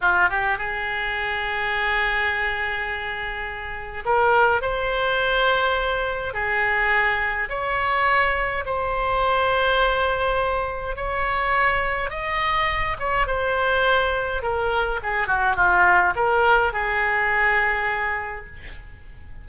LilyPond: \new Staff \with { instrumentName = "oboe" } { \time 4/4 \tempo 4 = 104 f'8 g'8 gis'2.~ | gis'2. ais'4 | c''2. gis'4~ | gis'4 cis''2 c''4~ |
c''2. cis''4~ | cis''4 dis''4. cis''8 c''4~ | c''4 ais'4 gis'8 fis'8 f'4 | ais'4 gis'2. | }